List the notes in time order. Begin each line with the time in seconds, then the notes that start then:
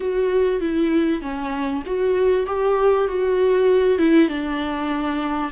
0.00 F#4
0.60 E4
1.21 C#4
1.85 F#4
2.46 G4
3.07 F#4
3.98 E4
4.28 D4